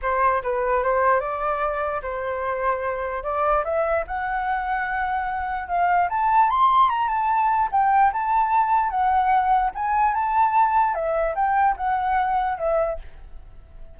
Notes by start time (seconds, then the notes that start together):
0.01 C5
0.42 B4
0.83 C5
1.20 D5
2.02 C5
3.23 D5
3.64 E5
4.07 F#5
5.68 F5
6.09 A5
6.50 C6
6.89 A#5
7.08 A5
7.71 G5
8.12 A5
8.89 F#5
9.74 G#5
10.14 A5
10.94 E5
11.35 G5
11.76 F#5
12.58 E5